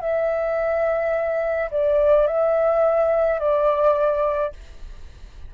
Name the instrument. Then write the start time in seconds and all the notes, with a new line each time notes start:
flute
0.00 E5
1.70 D5
2.27 E5
3.39 D5